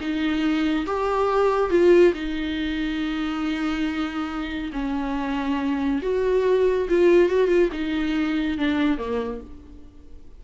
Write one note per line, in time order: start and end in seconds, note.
0.00 0.86 D#4
0.86 1.70 G4
1.70 2.13 F4
2.14 4.71 D#4
4.72 6.01 C#4
6.02 6.88 F#4
6.89 7.29 F4
7.29 7.48 F#4
7.48 7.69 F4
7.72 8.58 D#4
8.58 8.98 D4
8.98 9.41 A#3